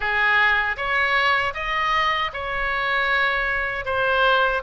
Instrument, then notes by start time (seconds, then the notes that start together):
oboe
0.00 G#4
0.76 C#5
1.54 D#5
2.33 C#5
3.85 C5